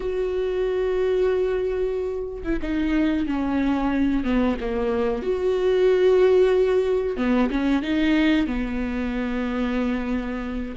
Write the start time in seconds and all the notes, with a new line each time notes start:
0.00 F#4
2.43 E4
2.62 D#4
3.26 C#4
4.24 B3
4.60 A#3
5.22 F#4
7.17 B3
7.50 C#4
7.82 D#4
8.46 B3